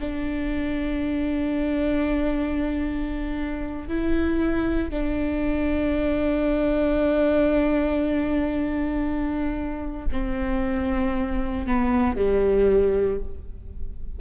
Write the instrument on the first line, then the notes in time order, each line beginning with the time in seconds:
viola
0.00 D4
3.88 E4
4.90 D4
10.11 C4
11.67 B3
12.16 G3